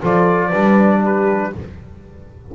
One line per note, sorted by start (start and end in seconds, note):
0.00 0.53 F3
0.00 0.51 F4
0.00 0.48 A4
0.00 1.05 D5
0.48 1.52 G3
0.48 1.52 D4
0.48 0.98 B4
1.01 1.51 G4
1.01 1.55 B4